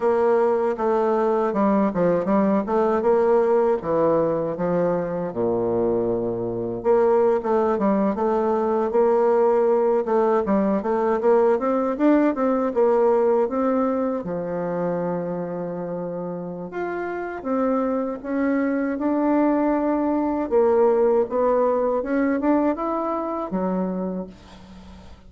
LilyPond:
\new Staff \with { instrumentName = "bassoon" } { \time 4/4 \tempo 4 = 79 ais4 a4 g8 f8 g8 a8 | ais4 e4 f4 ais,4~ | ais,4 ais8. a8 g8 a4 ais16~ | ais4~ ais16 a8 g8 a8 ais8 c'8 d'16~ |
d'16 c'8 ais4 c'4 f4~ f16~ | f2 f'4 c'4 | cis'4 d'2 ais4 | b4 cis'8 d'8 e'4 fis4 | }